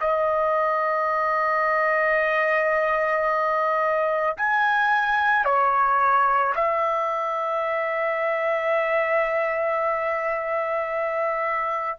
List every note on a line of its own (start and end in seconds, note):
0.00 4.36 D#5
4.37 5.45 G#5
5.45 6.54 C#5
6.55 11.99 E5